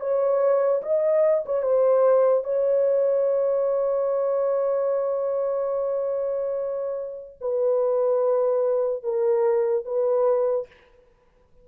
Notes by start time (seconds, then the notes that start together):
0.00 C#5
0.83 D#5
1.45 C#5
1.63 C5
2.44 C#5
7.40 B4
9.03 A#4
9.85 B4